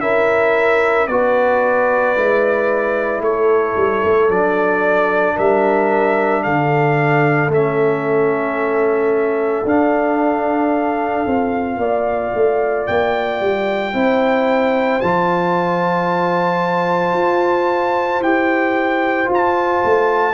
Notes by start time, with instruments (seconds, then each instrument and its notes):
0.00 tuba C#4, trombone E4, horn A#4, trumpet E5
1.07 tuba B3, trombone F#4, horn B4, trumpet D5
2.16 tuba G#3, trombone E4
3.20 tuba A3, horn A4, trumpet C#5
3.76 tuba G3
4.04 tuba A3
4.29 tuba F#3, trombone D4, trumpet D5
5.35 tuba G3, horn A#4, trumpet E5
6.43 tuba D3, horn A4, trumpet F5
7.48 tuba A3, trombone C#4, trumpet E5
9.64 tuba D4, trombone D4, trumpet F5
11.26 tuba C4, trombone F4
11.77 tuba A#3, horn D5
12.34 tuba A3
12.87 tuba A#3, trumpet G5
13.40 tuba G3
13.93 tuba C4, trombone E4, horn C5
15.00 tuba F3, trombone F4, trumpet A5
17.12 tuba F4
18.20 tuba E4, trombone G4, trumpet G5
19.25 trombone F4, tuba F4
19.33 trumpet A5
19.84 tuba A3